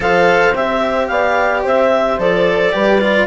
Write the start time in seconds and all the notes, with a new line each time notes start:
0.00 F3 A4 C5 F5
0.55 C4 G4 E5
1.07 B3 D5 F5
1.62 C4 C5 E5
2.18 F3 A4 D5
2.72 G3 G4 B4
3.00 F4